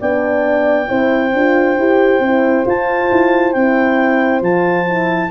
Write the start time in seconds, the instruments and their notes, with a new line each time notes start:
0.00 tuba B3, horn D4 D5, clarinet G5
0.87 tuba C4, horn E4 C5
1.33 tuba D4, horn F4
1.78 tuba E4, horn G4
2.19 tuba C4, horn E4
2.66 tuba F4, horn F4, clarinet A5
3.11 tuba E4
3.52 tuba C4, horn E4, clarinet G5
4.41 tuba F3, horn F4, clarinet A5
4.86 horn E4